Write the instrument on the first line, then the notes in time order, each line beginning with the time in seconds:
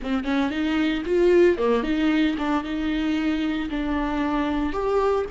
viola
0.02 C4
0.24 C#4
0.50 D#4
1.05 F4
1.57 A#3
1.83 D#4
2.38 D4
2.63 D#4
3.70 D4
4.72 G4